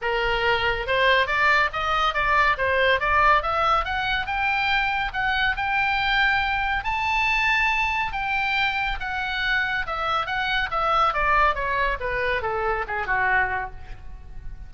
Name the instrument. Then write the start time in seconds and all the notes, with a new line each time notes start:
oboe
0.01 A#4
0.86 C5
1.26 D5
1.73 D#5
2.14 D5
2.57 C5
3.00 D5
3.42 E5
3.85 F#5
4.26 G5
5.13 F#5
5.56 G5
6.84 A5
8.12 G5
9.00 F#5
9.86 E5
10.26 F#5
10.70 E5
11.13 D5
11.54 C#5
12.00 B4
12.42 A4
12.87 G#4
13.06 F#4